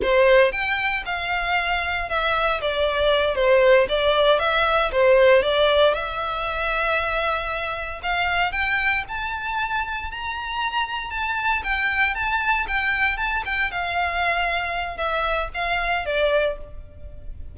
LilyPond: \new Staff \with { instrumentName = "violin" } { \time 4/4 \tempo 4 = 116 c''4 g''4 f''2 | e''4 d''4. c''4 d''8~ | d''8 e''4 c''4 d''4 e''8~ | e''2.~ e''8 f''8~ |
f''8 g''4 a''2 ais''8~ | ais''4. a''4 g''4 a''8~ | a''8 g''4 a''8 g''8 f''4.~ | f''4 e''4 f''4 d''4 | }